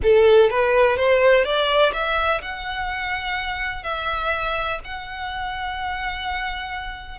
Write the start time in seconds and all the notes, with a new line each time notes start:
0.02 A4
0.50 B4
0.96 C5
1.44 D5
1.93 E5
2.41 F#5
3.83 E5
4.84 F#5